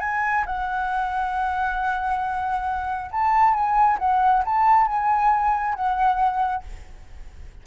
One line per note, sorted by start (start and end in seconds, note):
0.00 0.44 G#5
0.46 3.10 F#5
3.11 3.53 A5
3.53 3.97 G#5
3.99 4.43 F#5
4.45 4.87 A5
4.87 5.75 G#5
5.75 6.63 F#5